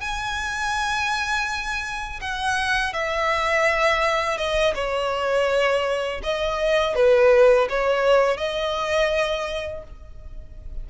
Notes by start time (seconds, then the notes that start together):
0.00 G#5
2.20 F#5
2.93 E5
4.37 D#5
4.75 C#5
6.23 D#5
6.95 B4
7.69 C#5
8.37 D#5